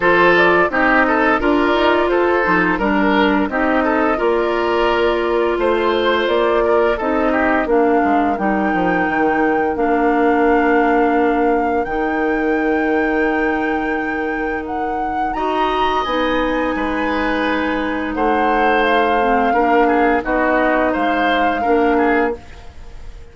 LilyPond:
<<
  \new Staff \with { instrumentName = "flute" } { \time 4/4 \tempo 4 = 86 c''8 d''8 dis''4 d''4 c''4 | ais'4 dis''4 d''2 | c''4 d''4 dis''4 f''4 | g''2 f''2~ |
f''4 g''2.~ | g''4 fis''4 ais''4 gis''4~ | gis''2 fis''4 f''4~ | f''4 dis''4 f''2 | }
  \new Staff \with { instrumentName = "oboe" } { \time 4/4 a'4 g'8 a'8 ais'4 a'4 | ais'4 g'8 a'8 ais'2 | c''4. ais'8 a'8 g'8 ais'4~ | ais'1~ |
ais'1~ | ais'2 dis''2 | b'2 c''2 | ais'8 gis'8 fis'4 c''4 ais'8 gis'8 | }
  \new Staff \with { instrumentName = "clarinet" } { \time 4/4 f'4 dis'4 f'4. dis'8 | d'4 dis'4 f'2~ | f'2 dis'4 d'4 | dis'2 d'2~ |
d'4 dis'2.~ | dis'2 fis'4 dis'4~ | dis'2.~ dis'8 c'8 | d'4 dis'2 d'4 | }
  \new Staff \with { instrumentName = "bassoon" } { \time 4/4 f4 c'4 d'8 dis'8 f'8 f8 | g4 c'4 ais2 | a4 ais4 c'4 ais8 gis8 | g8 f8 dis4 ais2~ |
ais4 dis2.~ | dis2 dis'4 b4 | gis2 a2 | ais4 b4 gis4 ais4 | }
>>